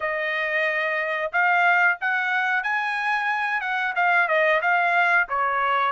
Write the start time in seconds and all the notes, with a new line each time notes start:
0.00 D#5
1.32 F5
2.00 F#5
2.63 G#5
3.61 F#5
3.95 F5
4.27 D#5
4.61 F5
5.29 C#5